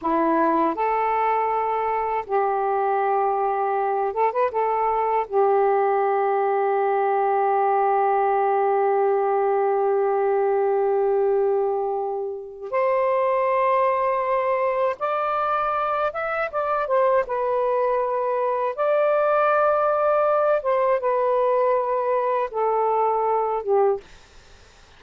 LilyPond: \new Staff \with { instrumentName = "saxophone" } { \time 4/4 \tempo 4 = 80 e'4 a'2 g'4~ | g'4. a'16 b'16 a'4 g'4~ | g'1~ | g'1~ |
g'4 c''2. | d''4. e''8 d''8 c''8 b'4~ | b'4 d''2~ d''8 c''8 | b'2 a'4. g'8 | }